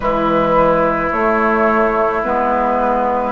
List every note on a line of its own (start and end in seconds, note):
0.00 1.12 E3
0.00 1.09 G#3
0.00 3.32 E4
0.00 1.10 B4
1.11 2.23 A3
1.11 2.24 A3
1.11 2.22 C#5
2.23 3.32 G#3
2.23 3.32 B3
2.23 3.32 B4